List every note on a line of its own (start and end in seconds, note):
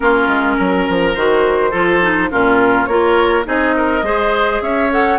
0.00 0.27 A#3
0.00 1.15 C#4
0.00 0.56 F4
0.00 1.14 A#4
0.27 0.56 G#3
0.56 0.87 F#3
0.56 1.71 A#4
0.88 1.16 F3
1.14 1.72 D#3
1.14 1.71 F#4
1.14 2.30 C5
1.71 2.30 F3
1.71 2.00 F4
1.71 2.28 A4
2.01 2.30 D#4
2.30 2.87 A#2
2.30 2.87 C#4
2.30 2.88 F4
2.30 2.85 A#4
2.85 3.45 A#3
2.85 3.44 F4
2.85 3.46 A#4
2.85 3.43 C#5
3.44 4.02 C4
3.44 4.02 D#4
3.44 3.75 G#4
3.44 4.62 D#5
3.76 4.05 A#4
4.02 4.60 G#3
4.02 4.89 G#4
4.02 4.62 C5
4.61 5.18 C#4
4.61 5.18 C#5
4.61 4.91 E5
4.90 5.18 A4
4.90 5.18 F#5